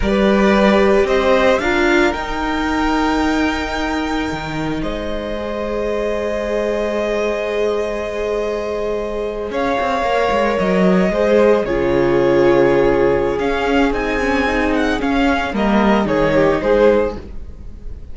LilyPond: <<
  \new Staff \with { instrumentName = "violin" } { \time 4/4 \tempo 4 = 112 d''2 dis''4 f''4 | g''1~ | g''4 dis''2.~ | dis''1~ |
dis''4.~ dis''16 f''2 dis''16~ | dis''4.~ dis''16 cis''2~ cis''16~ | cis''4 f''4 gis''4. fis''8 | f''4 dis''4 cis''4 c''4 | }
  \new Staff \with { instrumentName = "violin" } { \time 4/4 b'2 c''4 ais'4~ | ais'1~ | ais'4 c''2.~ | c''1~ |
c''4.~ c''16 cis''2~ cis''16~ | cis''8. c''4 gis'2~ gis'16~ | gis'1~ | gis'4 ais'4 gis'8 g'8 gis'4 | }
  \new Staff \with { instrumentName = "viola" } { \time 4/4 g'2. f'4 | dis'1~ | dis'2 gis'2~ | gis'1~ |
gis'2~ gis'8. ais'4~ ais'16~ | ais'8. gis'4 f'2~ f'16~ | f'4 cis'4 dis'8 cis'8 dis'4 | cis'4 ais4 dis'2 | }
  \new Staff \with { instrumentName = "cello" } { \time 4/4 g2 c'4 d'4 | dis'1 | dis4 gis2.~ | gis1~ |
gis4.~ gis16 cis'8 c'8 ais8 gis8 fis16~ | fis8. gis4 cis2~ cis16~ | cis4 cis'4 c'2 | cis'4 g4 dis4 gis4 | }
>>